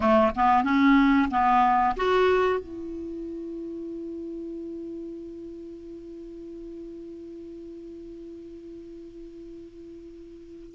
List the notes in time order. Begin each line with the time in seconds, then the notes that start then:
0.00 A3
0.35 B3
0.63 C#4
1.30 B3
1.96 F#4
2.59 E4